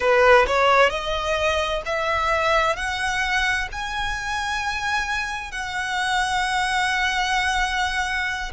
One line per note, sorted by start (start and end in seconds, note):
0.00 0.46 B4
0.47 0.89 C#5
0.89 1.82 D#5
1.85 2.76 E5
2.76 3.68 F#5
3.72 5.51 G#5
5.51 8.51 F#5